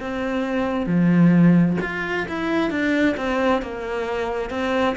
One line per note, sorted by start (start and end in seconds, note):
0.00 0.86 C4
0.86 1.77 F3
1.81 2.27 F4
2.28 2.70 E4
2.70 3.15 D4
3.17 3.62 C4
3.62 4.50 A#3
4.50 4.95 C4